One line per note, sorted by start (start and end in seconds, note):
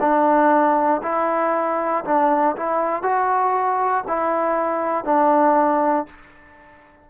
0.00 1.02 D4
1.03 2.05 E4
2.05 2.56 D4
2.57 3.03 E4
3.03 4.04 F#4
4.08 5.05 E4
5.05 6.07 D4